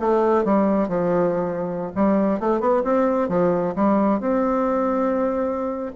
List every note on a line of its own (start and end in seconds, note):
0.00 0.45 A3
0.45 0.88 G3
0.88 1.91 F3
1.95 2.40 G3
2.40 2.60 A3
2.60 2.83 B3
2.84 3.29 C4
3.29 3.75 F3
3.76 4.20 G3
4.20 5.92 C4